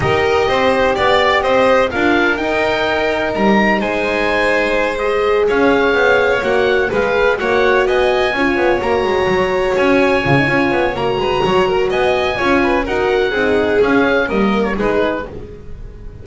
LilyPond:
<<
  \new Staff \with { instrumentName = "oboe" } { \time 4/4 \tempo 4 = 126 dis''2 d''4 dis''4 | f''4 g''2 ais''4 | gis''2~ gis''8 dis''4 f''8~ | f''4. fis''4 f''4 fis''8~ |
fis''8 gis''2 ais''4.~ | ais''8 gis''2~ gis''8 ais''4~ | ais''4 gis''2 fis''4~ | fis''4 f''4 dis''8. cis''16 b'4 | }
  \new Staff \with { instrumentName = "violin" } { \time 4/4 ais'4 c''4 d''4 c''4 | ais'1 | c''2.~ c''8 cis''8~ | cis''2~ cis''8 b'4 cis''8~ |
cis''8 dis''4 cis''2~ cis''8~ | cis''2.~ cis''8 b'8 | cis''8 ais'8 dis''4 cis''8 b'8 ais'4 | gis'2 ais'4 gis'4 | }
  \new Staff \with { instrumentName = "horn" } { \time 4/4 g'1 | f'4 dis'2.~ | dis'2~ dis'8 gis'4.~ | gis'4. fis'4 gis'4 fis'8~ |
fis'4. f'4 fis'4.~ | fis'4. f'16 dis'16 f'4 fis'4~ | fis'2 f'4 fis'4 | dis'4 cis'4 ais4 dis'4 | }
  \new Staff \with { instrumentName = "double bass" } { \time 4/4 dis'4 c'4 b4 c'4 | d'4 dis'2 g4 | gis2.~ gis8 cis'8~ | cis'8 b4 ais4 gis4 ais8~ |
ais8 b4 cis'8 b8 ais8 gis8 fis8~ | fis8 cis'4 cis8 cis'8 b8 ais8 gis8 | fis4 b4 cis'4 dis'4 | c'4 cis'4 g4 gis4 | }
>>